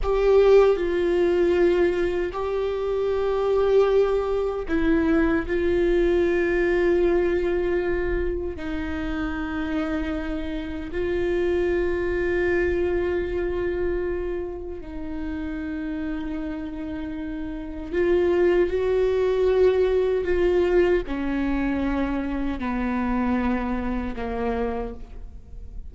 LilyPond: \new Staff \with { instrumentName = "viola" } { \time 4/4 \tempo 4 = 77 g'4 f'2 g'4~ | g'2 e'4 f'4~ | f'2. dis'4~ | dis'2 f'2~ |
f'2. dis'4~ | dis'2. f'4 | fis'2 f'4 cis'4~ | cis'4 b2 ais4 | }